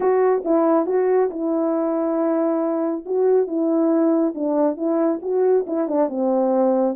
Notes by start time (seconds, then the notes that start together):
0.00 F#4
0.45 E4
0.86 F#4
1.30 E4
3.05 F#4
3.47 E4
4.34 D4
4.76 E4
5.22 F#4
5.66 E4
5.87 D4
6.09 C4